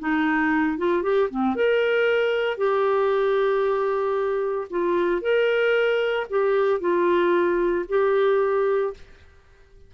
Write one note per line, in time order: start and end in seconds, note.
0.00 0.78 D#4
0.78 1.03 F4
1.03 1.29 G4
1.30 1.56 C4
1.56 2.58 A#4
2.58 4.68 G4
4.71 5.22 F4
5.22 6.27 A#4
6.30 6.81 G4
6.81 7.86 F4
7.89 8.94 G4